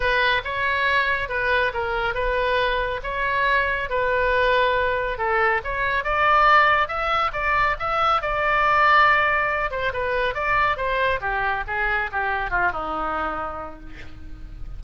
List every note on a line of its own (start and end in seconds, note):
0.00 0.41 B4
0.44 1.28 C#5
1.28 1.71 B4
1.73 2.14 A#4
2.14 3.00 B4
3.03 3.89 C#5
3.89 5.18 B4
5.18 5.61 A4
5.64 6.04 C#5
6.04 6.88 D5
6.88 7.31 E5
7.32 7.75 D5
7.79 8.21 E5
8.21 9.70 D5
9.70 9.92 C5
9.93 10.34 B4
10.34 10.76 D5
10.76 11.20 C5
11.20 11.63 G4
11.67 12.10 G#4
12.12 12.50 G4
12.50 12.71 F4
12.71 13.79 D#4